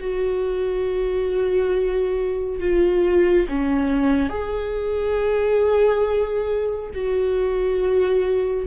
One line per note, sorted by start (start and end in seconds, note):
0.00 2.60 F#4
2.60 3.47 F4
3.48 4.29 C#4
4.29 6.90 G#4
6.94 8.67 F#4